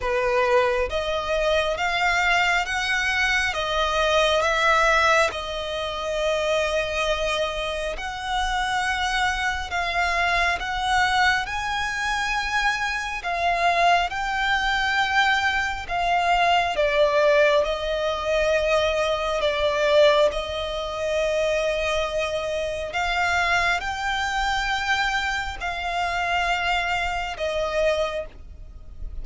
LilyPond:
\new Staff \with { instrumentName = "violin" } { \time 4/4 \tempo 4 = 68 b'4 dis''4 f''4 fis''4 | dis''4 e''4 dis''2~ | dis''4 fis''2 f''4 | fis''4 gis''2 f''4 |
g''2 f''4 d''4 | dis''2 d''4 dis''4~ | dis''2 f''4 g''4~ | g''4 f''2 dis''4 | }